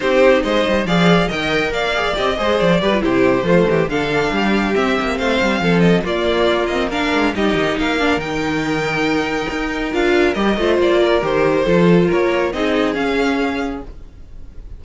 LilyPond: <<
  \new Staff \with { instrumentName = "violin" } { \time 4/4 \tempo 4 = 139 c''4 dis''4 f''4 g''4 | f''4 dis''4 d''4 c''4~ | c''4 f''2 e''4 | f''4. dis''8 d''4. dis''8 |
f''4 dis''4 f''4 g''4~ | g''2. f''4 | dis''4 d''4 c''2 | cis''4 dis''4 f''2 | }
  \new Staff \with { instrumentName = "violin" } { \time 4/4 g'4 c''4 d''4 dis''4 | d''4. c''4 b'8 g'4 | f'8 g'8 a'4 g'2 | c''4 a'4 f'2 |
ais'4 g'4 ais'2~ | ais'1~ | ais'8 c''4 ais'4. a'4 | ais'4 gis'2. | }
  \new Staff \with { instrumentName = "viola" } { \time 4/4 dis'2 gis'4 ais'4~ | ais'8 gis'8 g'8 gis'4 g'16 f'16 e'4 | a4 d'2 c'4~ | c'2 ais4. c'8 |
d'4 dis'4. d'8 dis'4~ | dis'2. f'4 | g'8 f'4. g'4 f'4~ | f'4 dis'4 cis'2 | }
  \new Staff \with { instrumentName = "cello" } { \time 4/4 c'4 gis8 g8 f4 dis4 | ais4 c'8 gis8 f8 g8 c4 | f8 e8 d4 g4 c'8 ais8 | a8 g8 f4 ais2~ |
ais8 gis8 g8 dis8 ais4 dis4~ | dis2 dis'4 d'4 | g8 a8 ais4 dis4 f4 | ais4 c'4 cis'2 | }
>>